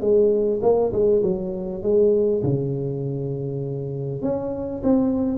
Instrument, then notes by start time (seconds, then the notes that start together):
tuba
0.00 G#3
0.62 A#3
0.92 G#3
1.22 F#3
1.82 G#3
2.43 C#3
4.22 C#4
4.83 C4